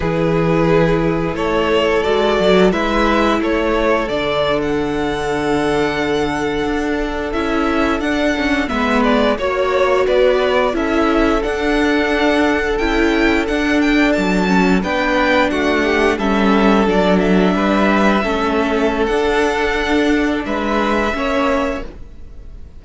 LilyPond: <<
  \new Staff \with { instrumentName = "violin" } { \time 4/4 \tempo 4 = 88 b'2 cis''4 d''4 | e''4 cis''4 d''8. fis''4~ fis''16~ | fis''2~ fis''8. e''4 fis''16~ | fis''8. e''8 d''8 cis''4 d''4 e''16~ |
e''8. fis''2 g''4 fis''16~ | fis''16 g''8 a''4 g''4 fis''4 e''16~ | e''8. d''8 e''2~ e''8. | fis''2 e''2 | }
  \new Staff \with { instrumentName = "violin" } { \time 4/4 gis'2 a'2 | b'4 a'2.~ | a'1~ | a'8. b'4 cis''4 b'4 a'16~ |
a'1~ | a'4.~ a'16 b'4 fis'8 g'8 a'16~ | a'4.~ a'16 b'4 a'4~ a'16~ | a'2 b'4 cis''4 | }
  \new Staff \with { instrumentName = "viola" } { \time 4/4 e'2. fis'4 | e'2 d'2~ | d'2~ d'8. e'4 d'16~ | d'16 cis'8 b4 fis'2 e'16~ |
e'8. d'2 e'4 d'16~ | d'4~ d'16 cis'8 d'2 cis'16~ | cis'8. d'2 cis'4~ cis'16 | d'2. cis'4 | }
  \new Staff \with { instrumentName = "cello" } { \time 4/4 e2 a4 gis8 fis8 | gis4 a4 d2~ | d4.~ d16 d'4 cis'4 d'16~ | d'8. gis4 ais4 b4 cis'16~ |
cis'8. d'2 cis'4 d'16~ | d'8. fis4 b4 a4 g16~ | g8. fis4 g4 a4~ a16 | d'2 gis4 ais4 | }
>>